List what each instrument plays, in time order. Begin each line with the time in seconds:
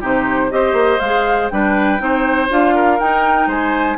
0.00 bassoon C3, clarinet D#4, oboe G4, flute C5
0.49 bassoon C4, clarinet G4, oboe C5, flute D#5
0.73 bassoon A#3
0.99 bassoon G#3, clarinet G#4, flute F5
1.49 bassoon G3, clarinet D4, oboe B4, flute G5
1.98 bassoon C4, clarinet D#4, oboe C5
2.49 bassoon D4, clarinet F4, flute F5
2.74 oboe A#4
2.99 bassoon D#4, clarinet D#4, flute G5
3.46 bassoon G#3, oboe C5, flute G#5